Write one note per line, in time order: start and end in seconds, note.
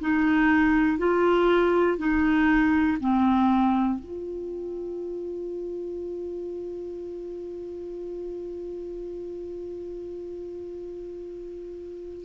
0.00 0.98 D#4
0.98 1.98 F4
1.98 2.98 D#4
3.00 3.99 C4
3.99 12.24 F4